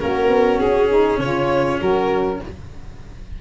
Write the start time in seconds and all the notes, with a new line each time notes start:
0.00 A#3 C#4 F#4 A#4
0.28 B3
0.59 C#4 G#4
0.89 D#4
1.19 C#3 F4 C#5
1.80 F#3 F#4 A#4